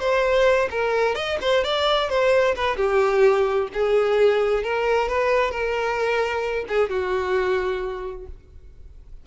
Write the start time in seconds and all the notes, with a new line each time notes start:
0.00 C5
0.71 A#4
1.15 D#5
1.41 C5
1.64 D5
2.09 C5
2.55 B4
2.76 G4
3.73 G#4
4.63 A#4
5.09 B4
5.51 A#4
6.68 G#4
6.90 F#4